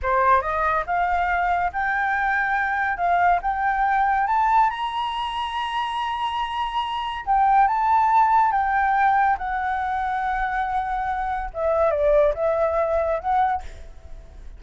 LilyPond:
\new Staff \with { instrumentName = "flute" } { \time 4/4 \tempo 4 = 141 c''4 dis''4 f''2 | g''2. f''4 | g''2 a''4 ais''4~ | ais''1~ |
ais''4 g''4 a''2 | g''2 fis''2~ | fis''2. e''4 | d''4 e''2 fis''4 | }